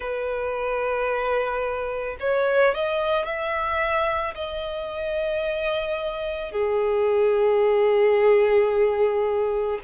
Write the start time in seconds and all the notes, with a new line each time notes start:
0.00 B4
2.20 C#5
2.74 D#5
3.25 E5
4.34 D#5
6.52 G#4